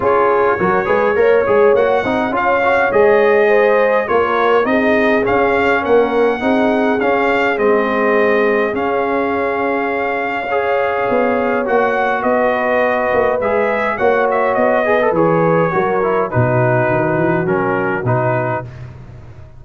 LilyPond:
<<
  \new Staff \with { instrumentName = "trumpet" } { \time 4/4 \tempo 4 = 103 cis''2. fis''4 | f''4 dis''2 cis''4 | dis''4 f''4 fis''2 | f''4 dis''2 f''4~ |
f''1 | fis''4 dis''2 e''4 | fis''8 e''8 dis''4 cis''2 | b'2 ais'4 b'4 | }
  \new Staff \with { instrumentName = "horn" } { \time 4/4 gis'4 ais'8 b'8 cis''4. dis''8 | cis''2 c''4 ais'4 | gis'2 ais'4 gis'4~ | gis'1~ |
gis'2 cis''2~ | cis''4 b'2. | cis''4. b'4. ais'4 | fis'1 | }
  \new Staff \with { instrumentName = "trombone" } { \time 4/4 f'4 fis'8 gis'8 ais'8 gis'8 fis'8 dis'8 | f'8 fis'8 gis'2 f'4 | dis'4 cis'2 dis'4 | cis'4 c'2 cis'4~ |
cis'2 gis'2 | fis'2. gis'4 | fis'4. gis'16 a'16 gis'4 fis'8 e'8 | dis'2 cis'4 dis'4 | }
  \new Staff \with { instrumentName = "tuba" } { \time 4/4 cis'4 fis8 gis8 ais8 gis8 ais8 c'8 | cis'4 gis2 ais4 | c'4 cis'4 ais4 c'4 | cis'4 gis2 cis'4~ |
cis'2. b4 | ais4 b4. ais8 gis4 | ais4 b4 e4 fis4 | b,4 dis8 e8 fis4 b,4 | }
>>